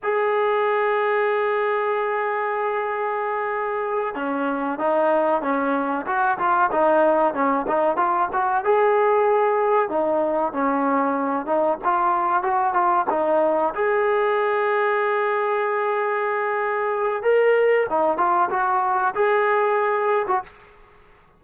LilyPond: \new Staff \with { instrumentName = "trombone" } { \time 4/4 \tempo 4 = 94 gis'1~ | gis'2~ gis'8 cis'4 dis'8~ | dis'8 cis'4 fis'8 f'8 dis'4 cis'8 | dis'8 f'8 fis'8 gis'2 dis'8~ |
dis'8 cis'4. dis'8 f'4 fis'8 | f'8 dis'4 gis'2~ gis'8~ | gis'2. ais'4 | dis'8 f'8 fis'4 gis'4.~ gis'16 fis'16 | }